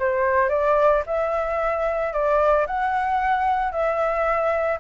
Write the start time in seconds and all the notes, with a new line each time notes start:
0.00 C5
0.49 D5
1.07 E5
2.13 D5
2.67 F#5
3.72 E5